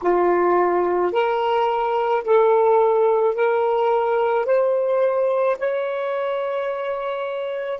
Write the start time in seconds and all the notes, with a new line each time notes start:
0.02 F4
1.12 A#4
2.24 A4
3.34 A#4
4.45 C5
5.58 C#5